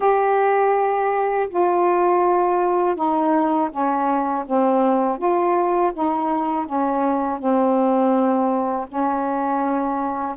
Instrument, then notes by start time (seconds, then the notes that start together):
saxophone
0.00 G4
1.48 F4
2.95 D#4
3.70 C#4
4.46 C4
5.18 F4
5.93 D#4
6.65 C#4
7.38 C4
8.88 C#4